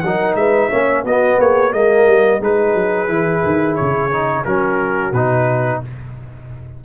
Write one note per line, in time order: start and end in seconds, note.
0.00 0.35 F#3
0.00 0.71 D#4
0.00 0.38 A#4
0.00 0.34 F#5
0.35 0.69 G#3
0.35 0.70 B4
0.35 1.04 E5
0.70 1.04 A#3
0.70 1.06 C#4
0.70 1.04 C#5
1.04 1.38 B3
1.04 1.73 B3
1.04 1.38 F#4
1.04 1.40 D#5
1.39 1.72 A#3
1.39 1.70 G#4
1.39 1.73 C#5
1.70 2.06 G#3
1.70 2.41 A#3
1.70 2.38 A#4
1.70 2.41 D#5
2.06 2.40 G3
2.41 2.75 G#3
2.41 3.08 D#4
2.41 4.45 G#4
2.41 3.76 B4
2.75 3.08 F#3
3.08 3.42 E3
3.08 4.11 E4
3.45 3.79 D#3
3.76 4.46 C#3
3.76 4.44 C#5
4.11 4.45 D#4
4.45 5.12 F#3
4.45 5.14 C#4
4.45 5.81 F#4
4.45 5.13 A#4
5.12 5.81 B2
5.12 5.85 D#4
5.12 5.82 B4